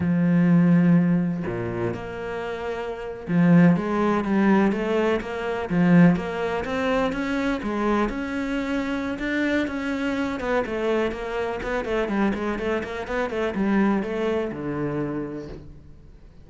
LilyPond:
\new Staff \with { instrumentName = "cello" } { \time 4/4 \tempo 4 = 124 f2. ais,4 | ais2~ ais8. f4 gis16~ | gis8. g4 a4 ais4 f16~ | f8. ais4 c'4 cis'4 gis16~ |
gis8. cis'2~ cis'16 d'4 | cis'4. b8 a4 ais4 | b8 a8 g8 gis8 a8 ais8 b8 a8 | g4 a4 d2 | }